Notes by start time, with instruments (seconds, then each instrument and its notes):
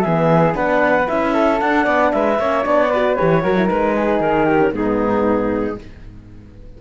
0.00 cello E3, horn B3, flute G#4, clarinet E5
0.52 cello B3, horn D4, flute B4, clarinet F#5
1.07 cello C#4, horn E4, clarinet E5
1.33 flute A4
1.60 horn D4, cello D4, clarinet F#5
1.84 cello B3, flute D5
2.12 cello G#3, flute B4, clarinet E5
2.39 cello A#3, horn C#4, flute C#5
2.63 cello B3, horn D4, clarinet D5
2.90 horn F#4, flute B4
3.15 horn G4, clarinet C#5
3.21 cello E3
3.42 cello F#3, horn F#4, flute A#4
3.56 horn E4
3.66 cello G#3, horn D#4, clarinet B4
3.95 flute G#4
4.19 cello D#3, clarinet A#4
4.45 flute G4
4.58 horn C#4
4.72 cello G#2, horn B3, flute D#4, clarinet G#4